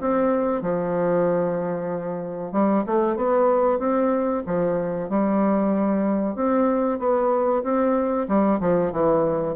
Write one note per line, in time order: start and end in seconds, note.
0.00 0.62 C4
0.62 2.52 F3
2.52 2.84 G3
2.86 3.16 A3
3.16 3.79 B3
3.79 4.43 C4
4.46 5.09 F3
5.09 6.35 G3
6.35 6.99 C4
6.99 7.63 B3
7.63 8.27 C4
8.28 8.60 G3
8.60 8.92 F3
8.92 9.55 E3